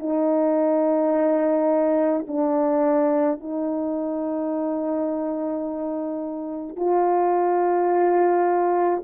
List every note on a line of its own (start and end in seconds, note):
0.00 2.26 D#4
2.28 3.40 D4
3.40 6.77 D#4
6.77 9.03 F4